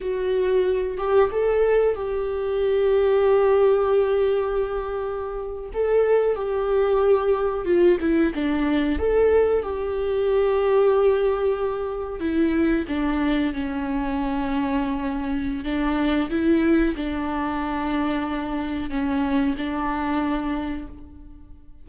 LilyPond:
\new Staff \with { instrumentName = "viola" } { \time 4/4 \tempo 4 = 92 fis'4. g'8 a'4 g'4~ | g'1~ | g'8. a'4 g'2 f'16~ | f'16 e'8 d'4 a'4 g'4~ g'16~ |
g'2~ g'8. e'4 d'16~ | d'8. cis'2.~ cis'16 | d'4 e'4 d'2~ | d'4 cis'4 d'2 | }